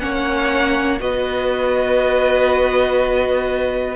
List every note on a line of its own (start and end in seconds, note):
0.00 1.01 A#3
0.00 0.99 C#4
0.00 1.02 C#5
0.00 0.99 F#5
0.99 3.96 B3
0.99 3.96 F#4
0.99 3.96 B4
0.99 3.96 D#5